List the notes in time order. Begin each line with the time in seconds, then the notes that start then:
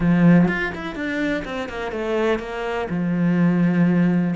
0.00 F3
0.48 F4
0.75 E4
0.95 D4
1.45 C4
1.68 A#3
1.91 A3
2.39 A#3
2.89 F3